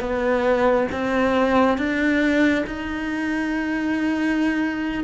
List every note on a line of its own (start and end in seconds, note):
0.00 0.87 B3
0.92 1.78 C4
1.78 2.65 D4
2.67 5.04 D#4